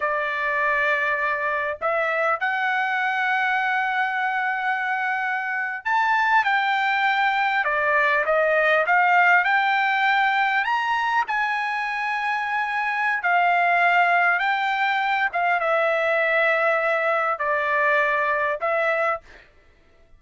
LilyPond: \new Staff \with { instrumentName = "trumpet" } { \time 4/4 \tempo 4 = 100 d''2. e''4 | fis''1~ | fis''4.~ fis''16 a''4 g''4~ g''16~ | g''8. d''4 dis''4 f''4 g''16~ |
g''4.~ g''16 ais''4 gis''4~ gis''16~ | gis''2 f''2 | g''4. f''8 e''2~ | e''4 d''2 e''4 | }